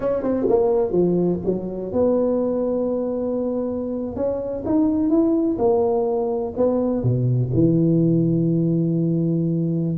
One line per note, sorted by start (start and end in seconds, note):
0.00 0.23 C#4
0.23 0.46 C4
0.48 0.91 A#3
0.91 1.39 F3
1.45 1.92 F#3
1.92 4.16 B3
4.16 4.63 C#4
4.65 5.09 D#4
5.09 5.57 E4
5.58 6.53 A#3
6.56 7.02 B3
7.02 7.50 B2
7.53 9.97 E3